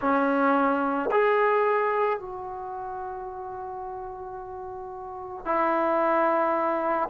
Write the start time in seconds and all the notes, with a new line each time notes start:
0.00 C#4
1.11 G#4
2.19 F#4
5.45 E4